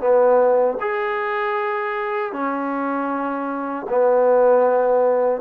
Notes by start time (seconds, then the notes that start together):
0.00 B3
0.80 G#4
2.32 C#4
3.89 B3